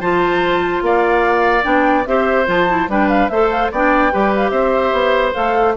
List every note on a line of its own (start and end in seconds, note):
0.00 0.82 F3
0.00 1.62 F4
0.00 0.82 C5
0.00 0.83 A5
0.82 1.64 A#3
0.82 2.08 D5
0.82 1.64 F5
1.62 2.06 B3
1.62 2.04 D4
1.62 2.05 G5
2.06 2.47 C4
2.06 2.45 G4
2.06 2.90 C5
2.06 2.47 E5
2.45 2.88 F3
2.45 2.66 F4
2.45 2.90 A5
2.68 2.88 E4
2.88 3.29 G3
2.88 3.30 D4
2.88 3.31 B4
2.88 3.09 G5
3.09 3.29 F5
3.29 3.71 A3
3.29 3.73 A4
3.29 3.71 C5
3.29 3.49 E5
3.50 3.71 F5
3.71 4.12 B3
3.71 4.11 D4
3.71 4.12 D5
3.71 4.35 G5
4.11 4.51 G3
4.11 5.33 G4
4.11 4.51 B4
4.35 4.49 F5
4.49 4.92 C4
4.49 5.74 C5
4.49 5.31 E5
4.92 5.33 B3
5.33 5.76 A3
5.33 5.74 A4
5.33 5.74 F5